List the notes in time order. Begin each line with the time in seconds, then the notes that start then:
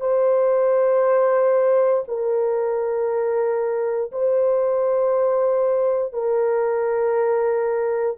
0.00 C5
2.08 A#4
4.11 C5
6.13 A#4